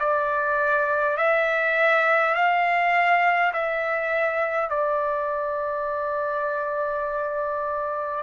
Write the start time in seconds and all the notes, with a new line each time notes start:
0.00 D5
1.18 E5
2.35 F5
3.53 E5
4.70 D5